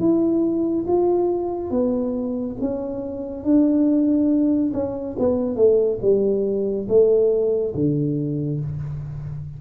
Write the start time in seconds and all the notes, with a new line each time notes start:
0.00 E4
0.87 F4
1.71 B3
2.61 C#4
3.44 D4
4.74 C#4
5.19 B3
5.56 A3
6.02 G3
6.88 A3
7.75 D3